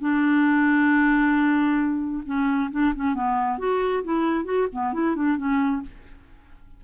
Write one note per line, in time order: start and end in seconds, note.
0.00 2.24 D4
2.26 2.70 C#4
2.72 2.94 D4
2.95 3.15 C#4
3.15 3.58 B3
3.58 4.03 F#4
4.04 4.45 E4
4.45 4.67 F#4
4.72 4.93 B3
4.93 5.16 E4
5.16 5.37 D4
5.37 5.82 C#4